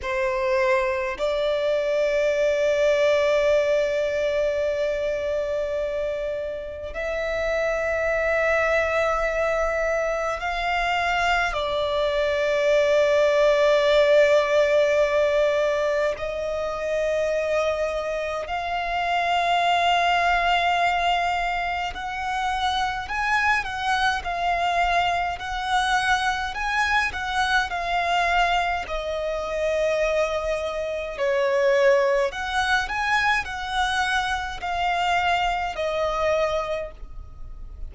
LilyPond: \new Staff \with { instrumentName = "violin" } { \time 4/4 \tempo 4 = 52 c''4 d''2.~ | d''2 e''2~ | e''4 f''4 d''2~ | d''2 dis''2 |
f''2. fis''4 | gis''8 fis''8 f''4 fis''4 gis''8 fis''8 | f''4 dis''2 cis''4 | fis''8 gis''8 fis''4 f''4 dis''4 | }